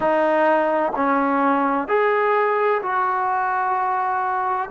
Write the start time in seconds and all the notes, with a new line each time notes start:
0.00 D#4
0.95 C#4
1.87 G#4
2.82 F#4